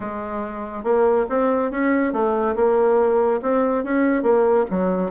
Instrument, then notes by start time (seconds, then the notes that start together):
bassoon
0.00 G#3
0.83 A#3
1.29 C4
1.71 C#4
2.12 A3
2.55 A#3
3.42 C4
3.84 C#4
4.22 A#3
4.70 F#3